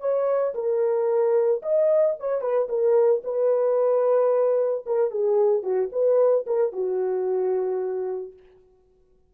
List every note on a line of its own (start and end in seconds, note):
0.00 0.54 C#5
0.55 1.62 A#4
1.62 2.16 D#5
2.20 2.41 C#5
2.41 2.68 B4
2.69 3.22 A#4
3.24 4.85 B4
4.86 5.11 A#4
5.11 5.63 G#4
5.63 5.90 F#4
5.92 6.46 B4
6.47 6.73 A#4
6.73 8.33 F#4